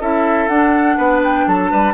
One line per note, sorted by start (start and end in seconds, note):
0.00 0.48 C#4
0.00 0.49 E4
0.00 0.97 A4
0.00 0.48 E5
0.48 0.97 D4
0.48 1.94 D4
0.48 1.20 F#5
0.97 1.46 B3
0.97 1.46 B4
1.24 1.48 G5
1.47 1.71 F#3
1.47 1.71 A4
1.47 1.94 A5
1.71 1.94 G3
1.71 1.94 B4